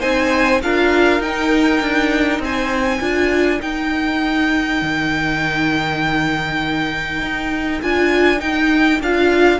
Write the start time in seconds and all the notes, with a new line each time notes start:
0.00 C4 D#4 C5 G#5
0.62 D4 F4 A#4 F5
1.20 D#4 G5
1.81 D4
2.39 C4 C5 G#5
3.01 D4 F4 A#4
3.60 D#4 G5
4.82 D#3
7.22 D#4
7.83 D4 F4 G#5
8.38 D#4 G5
9.00 D4 F4 F5